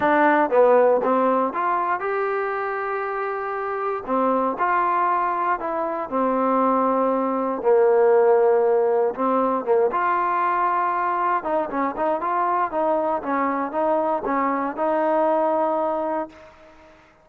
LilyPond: \new Staff \with { instrumentName = "trombone" } { \time 4/4 \tempo 4 = 118 d'4 b4 c'4 f'4 | g'1 | c'4 f'2 e'4 | c'2. ais4~ |
ais2 c'4 ais8 f'8~ | f'2~ f'8 dis'8 cis'8 dis'8 | f'4 dis'4 cis'4 dis'4 | cis'4 dis'2. | }